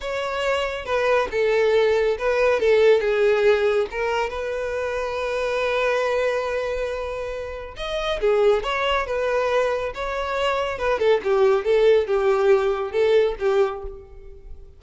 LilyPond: \new Staff \with { instrumentName = "violin" } { \time 4/4 \tempo 4 = 139 cis''2 b'4 a'4~ | a'4 b'4 a'4 gis'4~ | gis'4 ais'4 b'2~ | b'1~ |
b'2 dis''4 gis'4 | cis''4 b'2 cis''4~ | cis''4 b'8 a'8 g'4 a'4 | g'2 a'4 g'4 | }